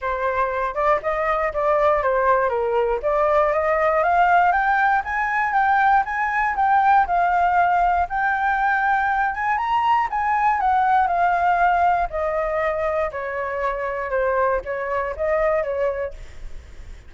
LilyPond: \new Staff \with { instrumentName = "flute" } { \time 4/4 \tempo 4 = 119 c''4. d''8 dis''4 d''4 | c''4 ais'4 d''4 dis''4 | f''4 g''4 gis''4 g''4 | gis''4 g''4 f''2 |
g''2~ g''8 gis''8 ais''4 | gis''4 fis''4 f''2 | dis''2 cis''2 | c''4 cis''4 dis''4 cis''4 | }